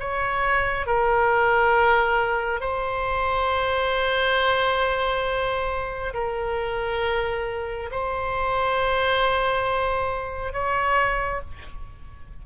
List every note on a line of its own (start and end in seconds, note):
0.00 0.87 C#5
0.87 2.61 A#4
2.61 6.14 C5
6.14 7.90 A#4
7.92 10.53 C5
10.53 11.41 C#5